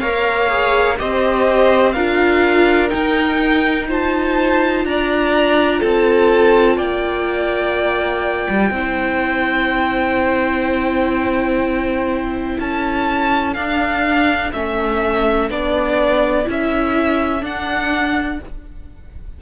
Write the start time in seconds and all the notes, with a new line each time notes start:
0.00 A#3 A#4 C#5 F5
0.48 G#4
0.99 C4 G4 C5 D#5
1.93 D4 F4 A#4 F5
2.89 D#4 G5
3.89 F4 C5 A5
4.85 D4 D5 A#5
5.80 C4 A4 A5
6.76 A#3 D5 G5
8.50 G3
8.71 C4 E4 C5
12.58 C#4 A4 A5
13.54 D4 F5
14.53 A3 C#4 E5
15.50 B3 D4 D5
16.45 C#4 E4
16.51 E5
17.41 D4 F#5